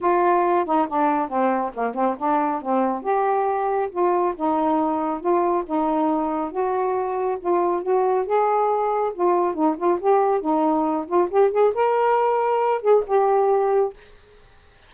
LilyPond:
\new Staff \with { instrumentName = "saxophone" } { \time 4/4 \tempo 4 = 138 f'4. dis'8 d'4 c'4 | ais8 c'8 d'4 c'4 g'4~ | g'4 f'4 dis'2 | f'4 dis'2 fis'4~ |
fis'4 f'4 fis'4 gis'4~ | gis'4 f'4 dis'8 f'8 g'4 | dis'4. f'8 g'8 gis'8 ais'4~ | ais'4. gis'8 g'2 | }